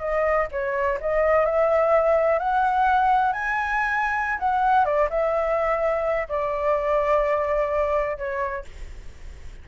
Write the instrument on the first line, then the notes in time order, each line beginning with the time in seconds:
flute
0.00 D#5
0.52 C#5
1.01 D#5
1.46 E5
2.39 F#5
3.33 G#5
4.39 F#5
4.85 D5
5.10 E5
6.29 D5
8.18 C#5